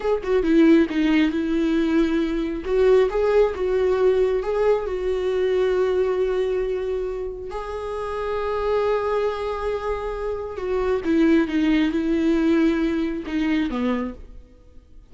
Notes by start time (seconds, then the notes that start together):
0.00 G#4
0.23 F#4
0.43 E4
0.89 D#4
1.31 E4
2.65 F#4
3.10 G#4
3.54 F#4
4.42 G#4
4.85 F#4
7.50 G#4
10.57 F#4
11.04 E4
11.47 D#4
11.91 E4
13.26 D#4
13.70 B3